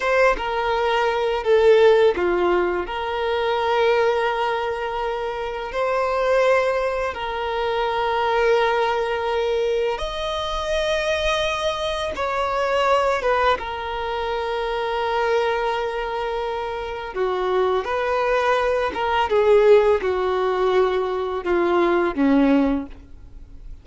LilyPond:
\new Staff \with { instrumentName = "violin" } { \time 4/4 \tempo 4 = 84 c''8 ais'4. a'4 f'4 | ais'1 | c''2 ais'2~ | ais'2 dis''2~ |
dis''4 cis''4. b'8 ais'4~ | ais'1 | fis'4 b'4. ais'8 gis'4 | fis'2 f'4 cis'4 | }